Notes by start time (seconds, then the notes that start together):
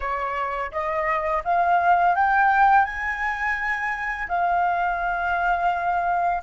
0.00 C#5
0.71 D#5
1.44 F5
2.15 G5
2.84 G#5
4.28 F5